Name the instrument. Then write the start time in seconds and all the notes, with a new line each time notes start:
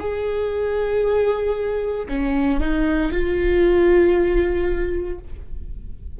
viola
0.00 G#4
2.08 C#4
2.60 D#4
3.12 F4